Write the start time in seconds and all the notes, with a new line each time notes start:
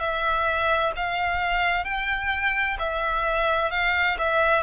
0.00 E5
0.97 F5
1.85 G5
2.79 E5
3.71 F5
4.18 E5